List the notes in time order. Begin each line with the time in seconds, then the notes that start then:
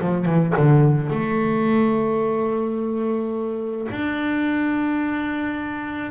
0.00 F3
0.25 E3
0.56 D3
1.09 A3
3.91 D4